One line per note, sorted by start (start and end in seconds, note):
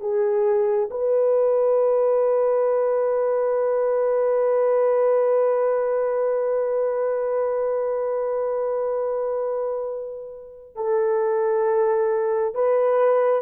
0.00 0.90 G#4
0.91 10.76 B4
10.76 12.55 A4
12.55 13.42 B4